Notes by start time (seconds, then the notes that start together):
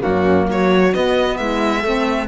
0.00 A#3 C#4 F#4
0.06 F#2
0.49 F#3 F#4 C#5
0.94 B3 D#5
1.38 G#3 E4 E5
1.81 A3 C4 A4